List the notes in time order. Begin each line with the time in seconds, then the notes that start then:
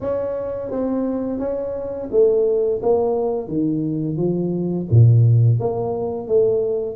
0.00 C#4
0.70 C4
1.39 C#4
2.11 A3
2.82 A#3
3.48 D#3
4.16 F3
4.91 A#2
5.59 A#3
6.27 A3